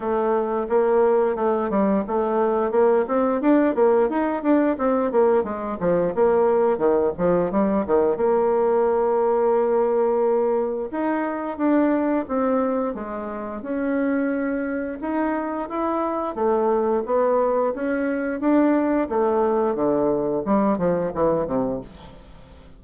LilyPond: \new Staff \with { instrumentName = "bassoon" } { \time 4/4 \tempo 4 = 88 a4 ais4 a8 g8 a4 | ais8 c'8 d'8 ais8 dis'8 d'8 c'8 ais8 | gis8 f8 ais4 dis8 f8 g8 dis8 | ais1 |
dis'4 d'4 c'4 gis4 | cis'2 dis'4 e'4 | a4 b4 cis'4 d'4 | a4 d4 g8 f8 e8 c8 | }